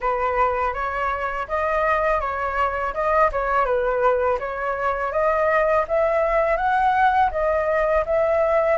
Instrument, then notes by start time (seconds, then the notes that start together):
flute
0.00 B4
0.73 C#5
1.47 D#5
2.20 C#5
2.93 D#5
3.31 C#5
3.65 B4
4.39 C#5
5.12 D#5
5.88 E5
6.56 F#5
7.31 D#5
8.05 E5